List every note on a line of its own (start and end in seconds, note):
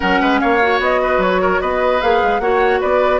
0.00 0.21 F#3
0.00 0.59 C#4
0.00 0.20 A#4
0.00 0.40 F#5
0.20 0.41 G#3
0.20 0.40 B4
0.40 0.79 A#3
0.40 1.01 C#5
0.40 0.80 F5
0.61 2.01 F#4
0.79 1.18 B3
0.79 1.21 D#5
1.02 1.41 B4
1.18 1.58 F#3
1.18 1.61 C#5
1.41 1.60 A#4
1.60 2.02 B3
1.60 2.41 B4
1.60 2.01 D#5
2.01 2.22 A#3
2.01 2.41 G#4
2.01 2.40 F5
2.23 2.39 G#3
2.39 2.80 A#3
2.39 3.19 F#4
2.39 2.80 C#5
2.39 2.80 F#5
2.80 3.19 B3
2.80 3.19 B4
2.80 3.19 D5